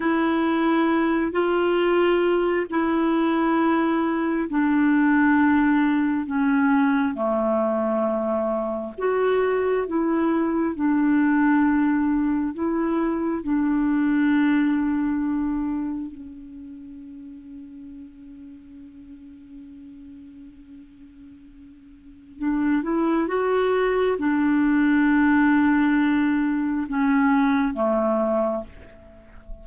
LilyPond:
\new Staff \with { instrumentName = "clarinet" } { \time 4/4 \tempo 4 = 67 e'4. f'4. e'4~ | e'4 d'2 cis'4 | a2 fis'4 e'4 | d'2 e'4 d'4~ |
d'2 cis'2~ | cis'1~ | cis'4 d'8 e'8 fis'4 d'4~ | d'2 cis'4 a4 | }